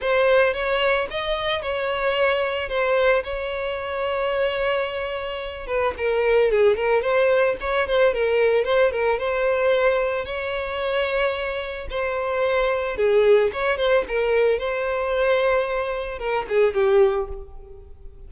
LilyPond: \new Staff \with { instrumentName = "violin" } { \time 4/4 \tempo 4 = 111 c''4 cis''4 dis''4 cis''4~ | cis''4 c''4 cis''2~ | cis''2~ cis''8 b'8 ais'4 | gis'8 ais'8 c''4 cis''8 c''8 ais'4 |
c''8 ais'8 c''2 cis''4~ | cis''2 c''2 | gis'4 cis''8 c''8 ais'4 c''4~ | c''2 ais'8 gis'8 g'4 | }